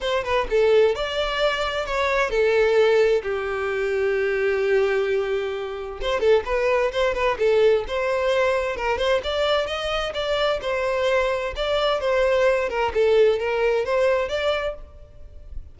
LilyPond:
\new Staff \with { instrumentName = "violin" } { \time 4/4 \tempo 4 = 130 c''8 b'8 a'4 d''2 | cis''4 a'2 g'4~ | g'1~ | g'4 c''8 a'8 b'4 c''8 b'8 |
a'4 c''2 ais'8 c''8 | d''4 dis''4 d''4 c''4~ | c''4 d''4 c''4. ais'8 | a'4 ais'4 c''4 d''4 | }